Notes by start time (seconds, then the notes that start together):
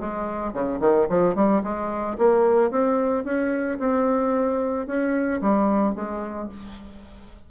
0.00 G#3
0.53 C#3
0.81 D#3
1.09 F3
1.35 G3
1.63 G#3
2.18 A#3
2.71 C4
3.24 C#4
3.79 C4
4.86 C#4
5.41 G3
5.95 G#3